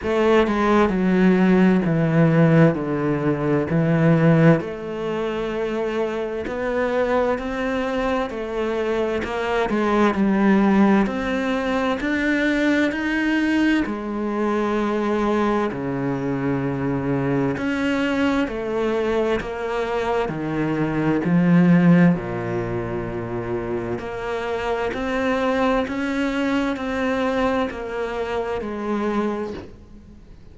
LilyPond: \new Staff \with { instrumentName = "cello" } { \time 4/4 \tempo 4 = 65 a8 gis8 fis4 e4 d4 | e4 a2 b4 | c'4 a4 ais8 gis8 g4 | c'4 d'4 dis'4 gis4~ |
gis4 cis2 cis'4 | a4 ais4 dis4 f4 | ais,2 ais4 c'4 | cis'4 c'4 ais4 gis4 | }